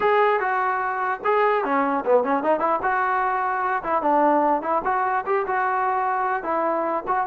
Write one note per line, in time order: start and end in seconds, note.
0.00 0.39 G#4
0.39 1.20 F#4
1.24 1.64 G#4
1.64 2.04 C#4
2.05 2.23 B3
2.23 2.43 C#4
2.43 2.59 D#4
2.59 2.79 E4
2.82 3.83 F#4
3.83 4.02 E4
4.02 4.61 D4
4.61 4.82 E4
4.84 5.24 F#4
5.26 5.46 G4
5.46 6.43 F#4
6.43 7.03 E4
7.07 7.27 F#4